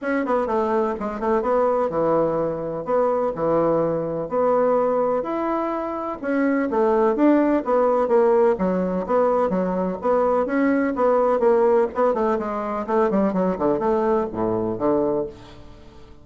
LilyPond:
\new Staff \with { instrumentName = "bassoon" } { \time 4/4 \tempo 4 = 126 cis'8 b8 a4 gis8 a8 b4 | e2 b4 e4~ | e4 b2 e'4~ | e'4 cis'4 a4 d'4 |
b4 ais4 fis4 b4 | fis4 b4 cis'4 b4 | ais4 b8 a8 gis4 a8 g8 | fis8 d8 a4 a,4 d4 | }